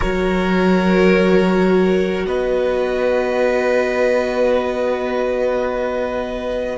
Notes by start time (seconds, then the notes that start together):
0.00 F#3 F#4 A#4 C#5
2.26 B3 B4 D#5